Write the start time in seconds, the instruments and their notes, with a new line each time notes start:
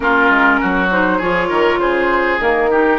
0.00 bassoon A#3, clarinet C#4, oboe F4, flute A#4
0.29 bassoon G#3
0.60 bassoon F#3, oboe F#4
0.91 clarinet D#4, flute C5
1.18 bassoon F3, clarinet F4, oboe G#4, flute C#5
1.49 bassoon D#3, oboe A#4
1.77 bassoon C#3, oboe G#4, flute C5
2.39 bassoon D#3, clarinet A#3, flute A#4
2.70 clarinet D#4, oboe G4